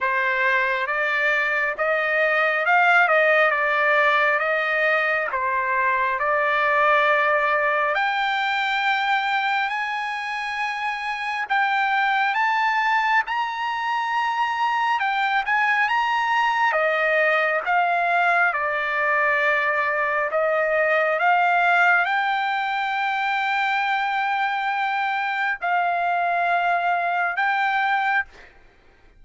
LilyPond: \new Staff \with { instrumentName = "trumpet" } { \time 4/4 \tempo 4 = 68 c''4 d''4 dis''4 f''8 dis''8 | d''4 dis''4 c''4 d''4~ | d''4 g''2 gis''4~ | gis''4 g''4 a''4 ais''4~ |
ais''4 g''8 gis''8 ais''4 dis''4 | f''4 d''2 dis''4 | f''4 g''2.~ | g''4 f''2 g''4 | }